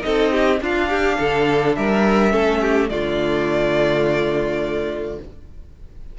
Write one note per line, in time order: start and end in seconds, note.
0.00 0.60 C4
0.00 0.57 D#4
0.00 0.31 A4
0.00 0.59 D#5
0.31 0.60 G4
0.60 1.17 D4
0.60 2.31 D4
0.60 0.89 F4
0.60 1.75 F5
0.89 1.18 G4
1.19 1.77 D3
1.19 1.76 A4
1.75 2.33 G3
1.75 2.32 A#4
1.75 2.89 E5
2.31 2.90 A3
2.31 2.88 C#4
2.31 2.60 A4
2.61 2.90 G4
2.89 5.19 D3
2.89 5.19 A3
2.89 5.19 F4
2.89 5.18 D5